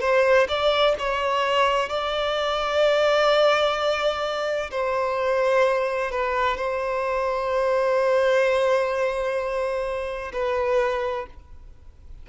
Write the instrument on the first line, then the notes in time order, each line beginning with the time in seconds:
violin
0.00 C5
0.48 D5
0.99 C#5
1.89 D5
4.71 C5
6.11 B4
6.57 C5
10.33 B4